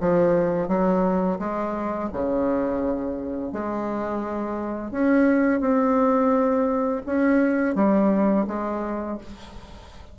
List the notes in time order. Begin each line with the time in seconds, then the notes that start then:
0.00 F3
0.68 F#3
1.39 G#3
2.12 C#3
3.52 G#3
4.91 C#4
5.60 C4
7.06 C#4
7.75 G3
8.47 G#3